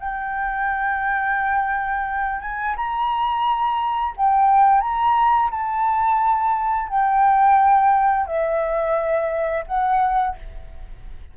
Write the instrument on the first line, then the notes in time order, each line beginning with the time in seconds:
flute
0.00 G5
2.41 G#5
2.77 A#5
4.17 G5
4.82 A#5
5.51 A5
6.89 G5
8.27 E5
9.67 F#5